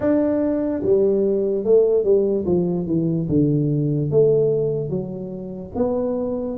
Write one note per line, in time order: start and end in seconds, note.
0.00 0.82 D4
0.83 1.64 G3
1.64 2.03 A3
2.03 2.44 G3
2.45 2.86 F3
2.86 3.27 E3
3.28 4.10 D3
4.10 4.89 A3
4.89 5.71 F#3
5.75 6.57 B3